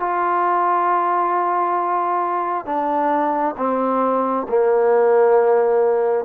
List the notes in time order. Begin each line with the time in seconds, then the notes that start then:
0.00 F4
2.66 D4
3.57 C4
4.49 A#3